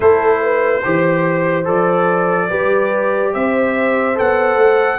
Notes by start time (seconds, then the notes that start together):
0.00 A3 E4 A4 C5
0.43 B4
0.84 E3 G4 C5
1.65 F3 A4 D5
2.48 G3 G4 B4
3.33 C4 C5 E5
4.14 B3 A4 F#5
4.55 A3